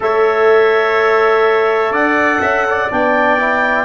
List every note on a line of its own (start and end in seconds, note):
0.00 1.91 A3
0.00 2.88 A4
0.00 1.91 C#5
0.00 1.93 E5
1.91 2.39 D4
1.91 2.40 D5
1.91 2.90 F#5
2.41 2.90 C#4
2.41 2.65 E5
2.70 3.85 D5
2.90 3.85 B3
2.90 3.38 D4
2.90 3.85 G5
3.38 3.85 E4